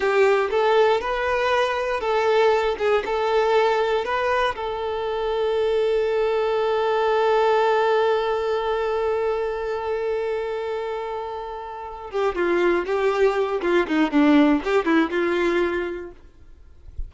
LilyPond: \new Staff \with { instrumentName = "violin" } { \time 4/4 \tempo 4 = 119 g'4 a'4 b'2 | a'4. gis'8 a'2 | b'4 a'2.~ | a'1~ |
a'1~ | a'1 | g'8 f'4 g'4. f'8 dis'8 | d'4 g'8 e'8 f'2 | }